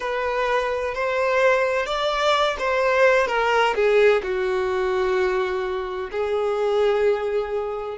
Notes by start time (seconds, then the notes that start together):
0.00 B4
0.94 C5
1.86 D5
2.59 C5
3.27 A#4
3.75 G#4
4.23 F#4
6.11 G#4